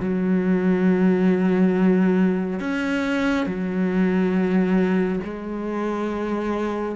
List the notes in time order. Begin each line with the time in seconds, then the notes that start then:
0.00 F#3
2.60 C#4
3.46 F#3
5.24 G#3